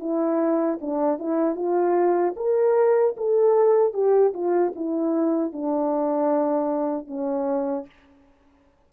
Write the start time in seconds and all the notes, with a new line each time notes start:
0.00 E4
0.81 D4
1.19 E4
1.55 F4
2.36 A#4
3.17 A4
3.94 G4
4.34 F4
4.75 E4
5.53 D4
7.07 C#4